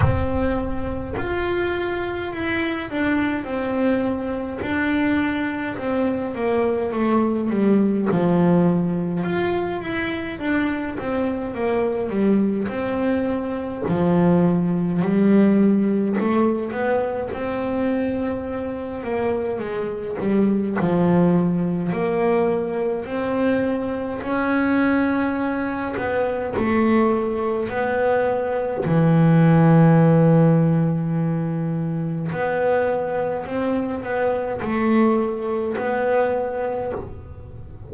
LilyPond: \new Staff \with { instrumentName = "double bass" } { \time 4/4 \tempo 4 = 52 c'4 f'4 e'8 d'8 c'4 | d'4 c'8 ais8 a8 g8 f4 | f'8 e'8 d'8 c'8 ais8 g8 c'4 | f4 g4 a8 b8 c'4~ |
c'8 ais8 gis8 g8 f4 ais4 | c'4 cis'4. b8 a4 | b4 e2. | b4 c'8 b8 a4 b4 | }